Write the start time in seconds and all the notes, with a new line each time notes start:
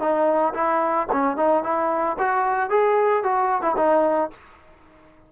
0.00 D#4
0.54 E4
1.12 C#4
1.37 D#4
1.63 E4
2.19 F#4
2.70 G#4
3.24 F#4
3.62 E4
3.77 D#4